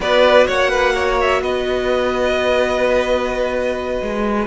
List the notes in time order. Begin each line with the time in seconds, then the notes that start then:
0.00 B3 F#4 B4 D5
0.46 A#3 C#5 F#5
0.69 B4
0.94 C#5
1.20 E5
1.41 B3 B4 D#5
4.01 G#3